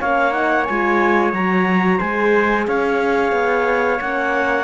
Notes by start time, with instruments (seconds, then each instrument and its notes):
0.00 cello A#3, horn C#4, trumpet C#5, clarinet F5
0.32 horn D#4, clarinet F#5
0.65 cello G#3, horn F4, clarinet G#5
1.33 cello F#3, horn F#4, clarinet A#5
1.98 cello G#3, horn G#4, trumpet C5, clarinet G#5
2.68 cello C#4, trumpet C#5, clarinet F5
3.32 cello B3
4.01 cello A#3, horn C#4, clarinet F#5